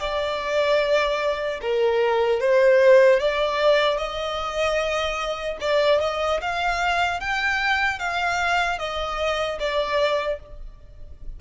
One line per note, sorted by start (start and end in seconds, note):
0.00 1.60 D5
1.62 2.41 A#4
2.41 3.20 C5
3.20 3.98 D5
3.98 5.58 D#5
5.61 6.01 D5
6.01 6.41 D#5
6.41 7.21 F5
7.21 7.99 G5
7.99 8.79 F5
8.79 9.59 D#5
9.60 10.40 D5